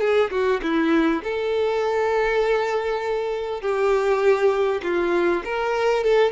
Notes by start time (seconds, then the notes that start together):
0.00 G#4
0.30 F#4
0.62 E4
1.23 A4
3.61 G4
4.83 F4
5.44 A#4
6.04 A4